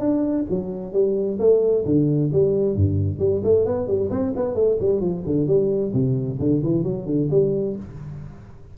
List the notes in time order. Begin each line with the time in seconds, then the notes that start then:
0.00 D4
0.50 F#3
0.93 G3
1.39 A3
1.86 D3
2.33 G3
2.76 G2
3.19 G3
3.44 A3
3.66 B3
3.87 G3
4.11 C4
4.36 B3
4.55 A3
4.80 G3
5.01 F3
5.26 D3
5.47 G3
5.93 C3
6.40 D3
6.63 E3
6.83 F#3
7.06 D3
7.31 G3